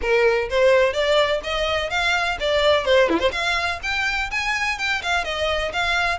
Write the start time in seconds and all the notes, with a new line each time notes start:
0.01 A#4
0.49 C5
0.93 D5
1.43 D#5
1.89 F5
2.39 D5
2.85 C5
3.09 E4
3.19 C5
3.31 F5
3.82 G5
4.30 G#5
4.78 G5
5.02 F5
5.24 D#5
5.73 F5